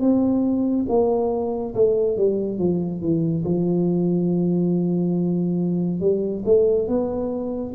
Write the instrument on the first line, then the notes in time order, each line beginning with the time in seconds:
tuba
0.00 C4
0.88 A#3
1.74 A3
2.17 G3
2.58 F3
3.01 E3
3.44 F3
6.00 G3
6.45 A3
6.87 B3